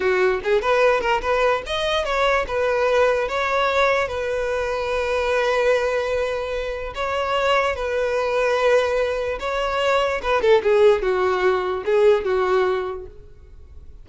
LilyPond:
\new Staff \with { instrumentName = "violin" } { \time 4/4 \tempo 4 = 147 fis'4 gis'8 b'4 ais'8 b'4 | dis''4 cis''4 b'2 | cis''2 b'2~ | b'1~ |
b'4 cis''2 b'4~ | b'2. cis''4~ | cis''4 b'8 a'8 gis'4 fis'4~ | fis'4 gis'4 fis'2 | }